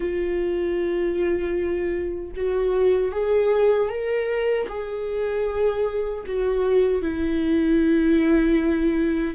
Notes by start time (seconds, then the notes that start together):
0.00 F4
2.36 F#4
3.11 G#4
3.89 A#4
4.68 G#4
6.26 F#4
7.02 E4